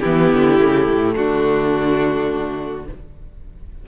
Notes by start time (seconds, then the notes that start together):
0.00 E3 B3 E4 G4
0.32 D3
0.58 C#3 A3
0.88 A2
1.15 D3 D4 F#4